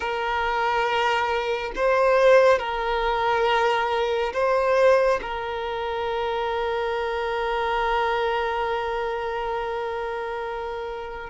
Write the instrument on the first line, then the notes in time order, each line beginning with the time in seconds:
violin
0.00 A#4
1.75 C5
2.58 A#4
4.33 C5
5.21 A#4